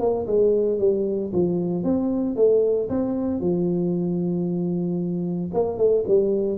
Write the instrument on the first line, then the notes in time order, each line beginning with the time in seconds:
tuba
0.00 A#3
0.27 G#3
0.79 G3
1.33 F3
1.84 C4
2.37 A3
2.89 C4
3.41 F3
5.54 A#3
5.78 A3
6.08 G3